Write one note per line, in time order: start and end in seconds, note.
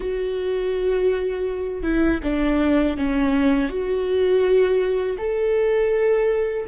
0.00 1.82 F#4
1.82 2.20 E4
2.23 2.97 D4
2.97 3.69 C#4
3.69 5.17 F#4
5.18 6.66 A4